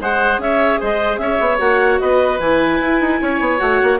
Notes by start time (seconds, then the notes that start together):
0.00 G#3 G#4 C5 F#5
0.38 C#4 C#5 E5
0.80 G#3 C5 D#5
1.17 C#4 C#5 E5
1.39 B3
1.58 A#3 F#4 F#5
1.99 B3 B4 D#5
2.39 E3 E4 G#5
2.81 E4
3.00 D#4
3.21 C#4 C#5
3.40 B3
3.58 A3 F#4 F#5
3.82 A#3